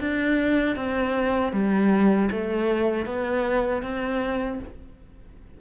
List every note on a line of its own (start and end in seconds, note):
0.00 0.76 D4
0.76 1.52 C4
1.52 2.29 G3
2.31 3.06 A3
3.06 3.83 B3
3.83 4.60 C4